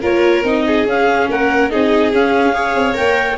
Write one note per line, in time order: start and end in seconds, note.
0.00 0.43 A#3
0.00 0.43 F4
0.00 0.63 A#4
0.00 0.45 C#5
0.43 0.85 C4
0.43 0.86 D#4
0.43 0.87 D#5
0.66 1.29 G#4
0.85 1.27 C#4
0.85 1.69 C#4
0.85 1.29 F5
1.29 1.71 A#3
1.29 1.71 A#4
1.29 1.70 F#5
1.69 2.12 C4
1.69 2.11 D#4
1.69 2.54 G#4
1.69 2.12 D#5
2.12 2.74 C#4
2.12 2.53 C#4
2.12 2.95 F5
2.53 2.93 G#4
2.53 3.37 C#5
2.74 2.95 C4
2.93 3.37 A#3
2.93 3.35 A#4
2.93 3.37 G5